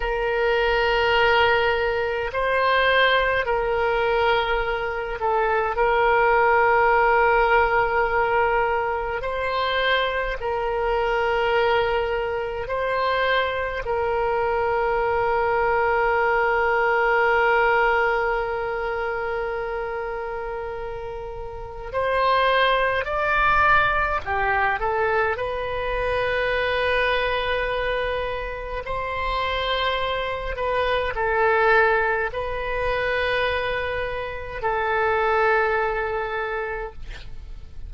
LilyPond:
\new Staff \with { instrumentName = "oboe" } { \time 4/4 \tempo 4 = 52 ais'2 c''4 ais'4~ | ais'8 a'8 ais'2. | c''4 ais'2 c''4 | ais'1~ |
ais'2. c''4 | d''4 g'8 a'8 b'2~ | b'4 c''4. b'8 a'4 | b'2 a'2 | }